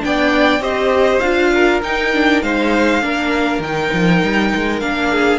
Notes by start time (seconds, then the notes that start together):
0.00 B3 D4 D5 G5
0.59 C4 G4 C5 D#5
1.20 D4 F4 F5
1.54 A#4
1.82 D#4 G5
2.13 D4
2.42 G#3 D#4 C5 F5
3.02 A#3 D4 A#4
3.59 D#3 G5
3.66 D#4
3.93 F3
4.23 G3
4.55 G#3
4.80 A#3 D4 F5
5.11 G#4